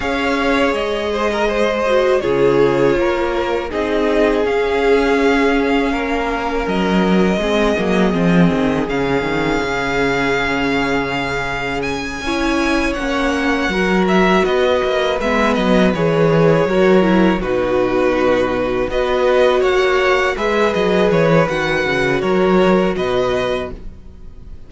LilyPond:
<<
  \new Staff \with { instrumentName = "violin" } { \time 4/4 \tempo 4 = 81 f''4 dis''2 cis''4~ | cis''4 dis''4 f''2~ | f''4 dis''2. | f''1 |
gis''4. fis''4. e''8 dis''8~ | dis''8 e''8 dis''8 cis''2 b'8~ | b'4. dis''4 fis''4 e''8 | dis''8 cis''8 fis''4 cis''4 dis''4 | }
  \new Staff \with { instrumentName = "violin" } { \time 4/4 cis''4. c''16 ais'16 c''4 gis'4 | ais'4 gis'2. | ais'2 gis'2~ | gis'1~ |
gis'8 cis''2 ais'4 b'8~ | b'2~ b'8 ais'4 fis'8~ | fis'4. b'4 cis''4 b'8~ | b'2 ais'4 b'4 | }
  \new Staff \with { instrumentName = "viola" } { \time 4/4 gis'2~ gis'8 fis'8 f'4~ | f'4 dis'4 cis'2~ | cis'2 c'8 ais8 c'4 | cis'1~ |
cis'8 e'4 cis'4 fis'4.~ | fis'8 b4 gis'4 fis'8 e'8 dis'8~ | dis'4. fis'2 gis'8~ | gis'4 fis'2. | }
  \new Staff \with { instrumentName = "cello" } { \time 4/4 cis'4 gis2 cis4 | ais4 c'4 cis'2 | ais4 fis4 gis8 fis8 f8 dis8 | cis8 dis8 cis2.~ |
cis8 cis'4 ais4 fis4 b8 | ais8 gis8 fis8 e4 fis4 b,8~ | b,4. b4 ais4 gis8 | fis8 e8 dis8 cis8 fis4 b,4 | }
>>